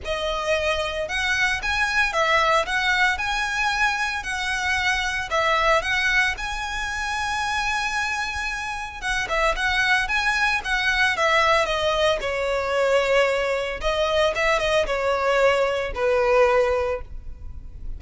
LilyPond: \new Staff \with { instrumentName = "violin" } { \time 4/4 \tempo 4 = 113 dis''2 fis''4 gis''4 | e''4 fis''4 gis''2 | fis''2 e''4 fis''4 | gis''1~ |
gis''4 fis''8 e''8 fis''4 gis''4 | fis''4 e''4 dis''4 cis''4~ | cis''2 dis''4 e''8 dis''8 | cis''2 b'2 | }